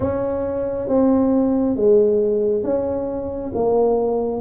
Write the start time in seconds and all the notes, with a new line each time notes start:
0.00 C#4
0.87 C4
1.76 G#3
2.63 C#4
3.54 A#3